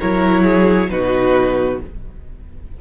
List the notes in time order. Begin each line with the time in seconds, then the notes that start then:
0.00 F#3 E4 A#4 C#5
0.44 G#4
0.90 B2 D#4 F#4 B4